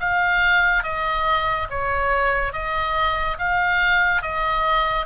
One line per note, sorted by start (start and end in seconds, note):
0.00 0.83 F5
0.83 1.67 D#5
1.70 2.53 C#5
2.53 3.37 D#5
3.38 4.22 F5
4.22 5.06 D#5